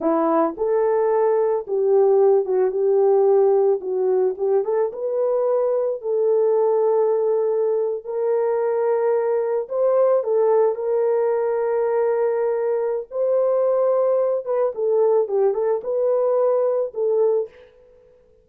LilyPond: \new Staff \with { instrumentName = "horn" } { \time 4/4 \tempo 4 = 110 e'4 a'2 g'4~ | g'8 fis'8 g'2 fis'4 | g'8 a'8 b'2 a'4~ | a'2~ a'8. ais'4~ ais'16~ |
ais'4.~ ais'16 c''4 a'4 ais'16~ | ais'1 | c''2~ c''8 b'8 a'4 | g'8 a'8 b'2 a'4 | }